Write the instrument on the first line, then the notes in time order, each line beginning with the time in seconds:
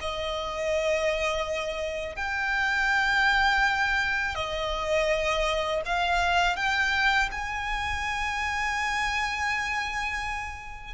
violin
0.00 D#5
2.16 G5
4.35 D#5
5.85 F5
6.56 G5
7.31 G#5